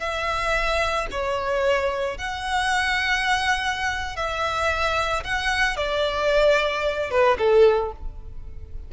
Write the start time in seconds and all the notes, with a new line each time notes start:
0.00 E5
1.12 C#5
2.18 F#5
4.17 E5
5.24 F#5
5.77 D5
7.11 B4
7.39 A4